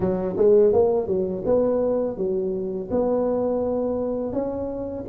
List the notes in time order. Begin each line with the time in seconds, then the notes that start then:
0.00 F#3
0.36 G#3
0.72 A#3
1.07 F#3
1.45 B3
2.17 F#3
2.90 B3
4.32 C#4